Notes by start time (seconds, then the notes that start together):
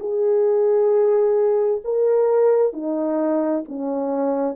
0.00 G#4
1.84 A#4
2.73 D#4
3.69 C#4